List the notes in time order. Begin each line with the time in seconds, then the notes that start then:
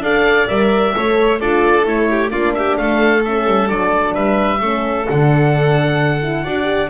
0.00 D4 A4 D5 F5
0.48 G3 A#4 E5
0.93 A3 A4 C#5
1.40 D4 F4 A4 D5
1.83 A3 E4 C#5
2.10 G4
2.30 A#3 D4 F4 D5
2.54 G4 E5
2.77 A3 A4 F5
3.24 C#4 E5
3.46 G3
3.68 F#3 D4 D5
4.14 G3 B4 E5
4.60 A3 C#4 A4
5.08 D3 D4 F#5
6.22 E4
6.44 D4 F#4 D5
6.64 G4